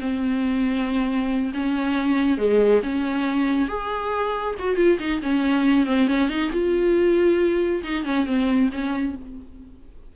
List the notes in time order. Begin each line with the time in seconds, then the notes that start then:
0.00 C4
1.53 C#4
2.38 G#3
2.83 C#4
3.68 G#4
4.59 F#4
4.76 F4
4.99 D#4
5.22 C#4
5.86 C4
6.07 C#4
6.29 D#4
6.52 F4
7.83 D#4
8.05 C#4
8.26 C4
8.72 C#4